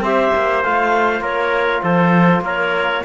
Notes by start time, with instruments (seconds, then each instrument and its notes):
0.00 cello C4, trombone G4, trumpet C5, clarinet E5
0.35 cello A#3
0.63 cello A3, trombone F4, clarinet F5
1.20 cello A#3, trumpet A#4, clarinet C#5
1.82 cello F3, trumpet A4, clarinet C5
2.40 cello A#3, trumpet A#4, clarinet C#5